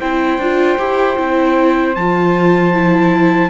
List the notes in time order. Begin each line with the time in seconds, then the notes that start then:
0.00 C4 E4 C5 G5
0.38 D4 F4
0.79 E4 G4
1.17 C4 E4
1.96 F3 F4 A5
2.74 E4